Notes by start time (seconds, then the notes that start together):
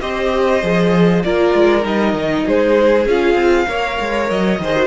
0.00 C4 G4 C5 D#5
0.62 F3 G#4
1.23 A#3 F4 A#4 D5
1.54 G#3
1.82 G3 D#4 D#5
2.13 D#3
2.45 G#3 G#4 C5
3.06 C#4 F4 F5
3.34 C4
3.68 A#3 A#4 C#5
4.00 G#3
4.30 F#3 D#5
4.59 D#3 G#4 C5
4.76 F#4